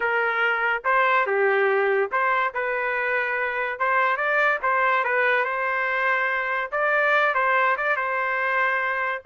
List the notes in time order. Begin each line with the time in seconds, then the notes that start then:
0.00 A#4
0.84 C5
1.26 G4
2.11 C5
2.54 B4
3.79 C5
4.16 D5
4.62 C5
5.04 B4
5.45 C5
6.71 D5
7.34 C5
7.77 D5
7.96 C5